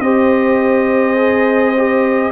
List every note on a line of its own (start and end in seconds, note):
0.00 2.31 C4
0.00 1.16 G4
0.00 2.32 C5
0.00 2.31 D#5
1.16 1.74 G#4
1.77 2.32 G4